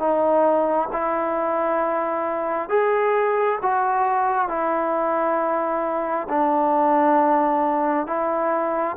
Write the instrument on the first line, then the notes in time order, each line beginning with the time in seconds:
trombone
0.00 D#4
0.93 E4
2.70 G#4
3.63 F#4
4.49 E4
6.29 D4
8.08 E4